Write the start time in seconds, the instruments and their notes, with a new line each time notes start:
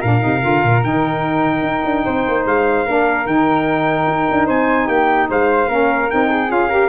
0.00 tuba A#2, saxophone D4, flute A#4, trumpet F5
0.19 tuba C3, saxophone D#4
0.40 tuba D3, saxophone F4
0.63 tuba A#2
0.83 tuba D#3, saxophone D#4, trumpet G5
1.62 tuba D#4
1.85 tuba D4
2.04 tuba C4, flute C5
2.28 tuba A#3
2.46 tuba G#3, trumpet F5
2.85 tuba A#3, saxophone D4, flute A#4
3.26 tuba D#3, saxophone D#4, trumpet G5
4.07 tuba D#4
4.31 tuba D4
4.46 tuba C4, flute C5, trumpet G#5
4.85 tuba A#3, flute G4, trumpet G5
5.29 tuba G#3, flute C5, trumpet F5
5.68 tuba A#3, saxophone C#4, flute A#4
6.10 tuba C4, saxophone D#4, trumpet G5
6.29 flute G#4
6.48 tuba C#4, saxophone F4, trumpet F5
6.69 saxophone G4, flute A#4